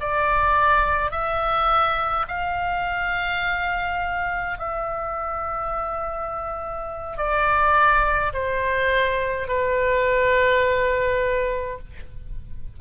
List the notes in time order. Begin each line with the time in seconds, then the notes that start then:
0.00 D5
1.11 E5
2.28 F5
4.58 E5
7.17 D5
8.33 C5
9.48 B4